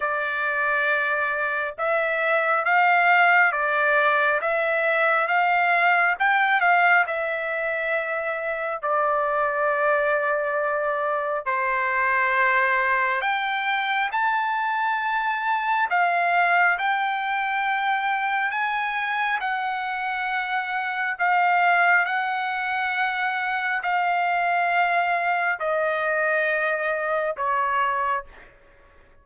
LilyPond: \new Staff \with { instrumentName = "trumpet" } { \time 4/4 \tempo 4 = 68 d''2 e''4 f''4 | d''4 e''4 f''4 g''8 f''8 | e''2 d''2~ | d''4 c''2 g''4 |
a''2 f''4 g''4~ | g''4 gis''4 fis''2 | f''4 fis''2 f''4~ | f''4 dis''2 cis''4 | }